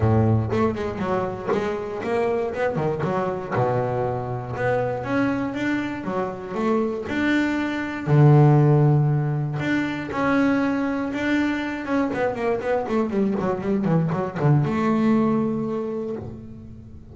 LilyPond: \new Staff \with { instrumentName = "double bass" } { \time 4/4 \tempo 4 = 119 a,4 a8 gis8 fis4 gis4 | ais4 b8 dis8 fis4 b,4~ | b,4 b4 cis'4 d'4 | fis4 a4 d'2 |
d2. d'4 | cis'2 d'4. cis'8 | b8 ais8 b8 a8 g8 fis8 g8 e8 | fis8 d8 a2. | }